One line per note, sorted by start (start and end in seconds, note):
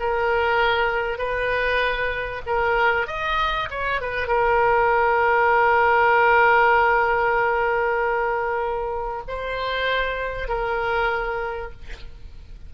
0.00 1.18 A#4
1.18 2.42 B4
2.47 3.07 A#4
3.07 3.69 D#5
3.70 4.01 C#5
4.01 4.28 B4
4.28 9.22 A#4
9.28 10.48 C5
10.48 11.72 A#4